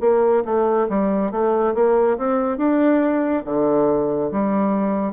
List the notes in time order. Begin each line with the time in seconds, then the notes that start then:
0.00 A#3
0.44 A3
0.89 G3
1.31 A3
1.74 A#3
2.17 C4
2.57 D4
3.45 D3
4.31 G3